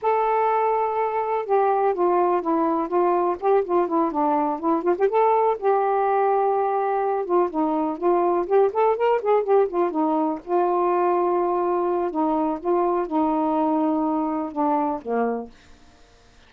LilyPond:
\new Staff \with { instrumentName = "saxophone" } { \time 4/4 \tempo 4 = 124 a'2. g'4 | f'4 e'4 f'4 g'8 f'8 | e'8 d'4 e'8 f'16 g'16 a'4 g'8~ | g'2. f'8 dis'8~ |
dis'8 f'4 g'8 a'8 ais'8 gis'8 g'8 | f'8 dis'4 f'2~ f'8~ | f'4 dis'4 f'4 dis'4~ | dis'2 d'4 ais4 | }